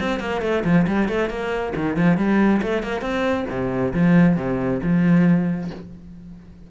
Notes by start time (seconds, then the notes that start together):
0.00 C4
0.20 A#3
0.42 A3
0.64 F3
0.87 G3
1.08 A3
1.30 A#3
1.76 D#3
1.97 F3
2.17 G3
2.62 A3
2.83 A#3
3.01 C4
3.50 C3
3.94 F3
4.37 C3
4.83 F3